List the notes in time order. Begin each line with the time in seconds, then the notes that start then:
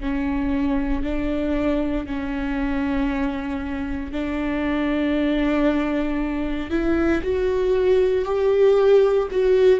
0.00 C#4
1.03 D4
2.06 C#4
4.12 D4
6.70 E4
7.22 F#4
8.25 G4
9.31 F#4